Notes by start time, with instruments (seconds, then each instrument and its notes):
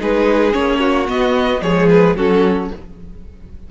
0.00 cello G#3, viola D#4, violin G#4 B4
0.52 cello A#3, viola C#4, violin C#5
0.80 violin F#4
1.07 viola B3, cello B3, violin D#5
1.61 cello F3, viola G#3, violin G#4 C#5
1.90 violin B4
2.17 cello F#3, viola C#4, violin F#4 A4